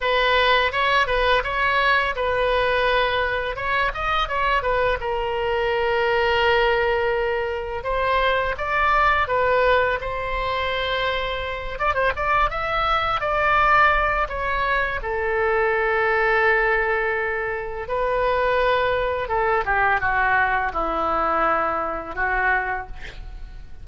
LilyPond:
\new Staff \with { instrumentName = "oboe" } { \time 4/4 \tempo 4 = 84 b'4 cis''8 b'8 cis''4 b'4~ | b'4 cis''8 dis''8 cis''8 b'8 ais'4~ | ais'2. c''4 | d''4 b'4 c''2~ |
c''8 d''16 c''16 d''8 e''4 d''4. | cis''4 a'2.~ | a'4 b'2 a'8 g'8 | fis'4 e'2 fis'4 | }